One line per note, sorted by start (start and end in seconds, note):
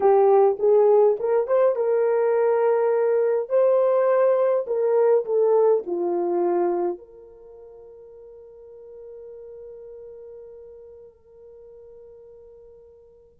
0.00 0.57 G4
0.59 1.17 G#4
1.19 1.47 A#4
1.47 1.75 C5
1.75 3.49 A#4
3.49 4.65 C5
4.66 5.25 A#4
5.25 5.83 A4
5.86 6.97 F4
6.97 13.38 A#4